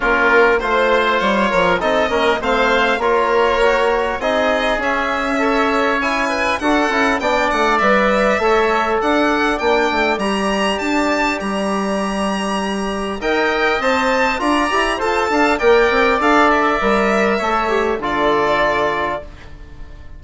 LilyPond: <<
  \new Staff \with { instrumentName = "violin" } { \time 4/4 \tempo 4 = 100 ais'4 c''4 cis''4 dis''4 | f''4 cis''2 dis''4 | e''2 gis''4 fis''4 | g''8 fis''8 e''2 fis''4 |
g''4 ais''4 a''4 ais''4~ | ais''2 g''4 a''4 | ais''4 a''4 g''4 f''8 e''8~ | e''2 d''2 | }
  \new Staff \with { instrumentName = "oboe" } { \time 4/4 f'4 c''4. ais'8 a'8 ais'8 | c''4 ais'2 gis'4~ | gis'4 cis''4. b'8 a'4 | d''2 cis''4 d''4~ |
d''1~ | d''2 dis''2 | d''4 c''8 f''8 d''2~ | d''4 cis''4 a'2 | }
  \new Staff \with { instrumentName = "trombone" } { \time 4/4 cis'4 f'2 dis'8 cis'8 | c'4 f'4 fis'4 dis'4 | cis'4 a'4 e'4 fis'8 e'8 | d'4 b'4 a'2 |
d'4 g'2.~ | g'2 ais'4 c''4 | f'8 g'8 a'4 ais'4 a'4 | ais'4 a'8 g'8 f'2 | }
  \new Staff \with { instrumentName = "bassoon" } { \time 4/4 ais4 a4 g8 f8 c'8 ais8 | a4 ais2 c'4 | cis'2. d'8 cis'8 | b8 a8 g4 a4 d'4 |
ais8 a8 g4 d'4 g4~ | g2 dis'4 c'4 | d'8 e'8 f'8 d'8 ais8 c'8 d'4 | g4 a4 d2 | }
>>